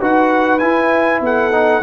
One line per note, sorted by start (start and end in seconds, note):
0.00 0.60 D#4
0.00 0.60 F#4
0.00 1.22 B4
0.00 0.59 F#5
0.59 1.52 E4
0.59 1.21 E4
0.59 1.20 G#5
1.21 1.82 B3
1.21 1.83 A4
1.21 1.83 F#5
1.52 1.82 D#4